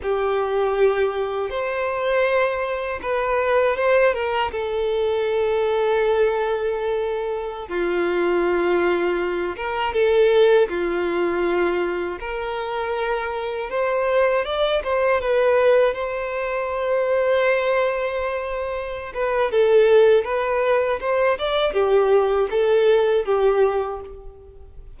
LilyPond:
\new Staff \with { instrumentName = "violin" } { \time 4/4 \tempo 4 = 80 g'2 c''2 | b'4 c''8 ais'8 a'2~ | a'2~ a'16 f'4.~ f'16~ | f'8. ais'8 a'4 f'4.~ f'16~ |
f'16 ais'2 c''4 d''8 c''16~ | c''16 b'4 c''2~ c''8.~ | c''4. b'8 a'4 b'4 | c''8 d''8 g'4 a'4 g'4 | }